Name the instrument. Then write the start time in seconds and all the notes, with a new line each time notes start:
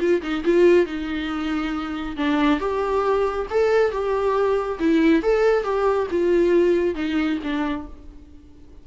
viola
0.00 F4
0.22 D#4
0.45 F4
0.86 D#4
2.17 D4
2.60 G4
3.50 A4
3.92 G4
4.79 E4
5.23 A4
5.63 G4
6.11 F4
6.95 D#4
7.43 D4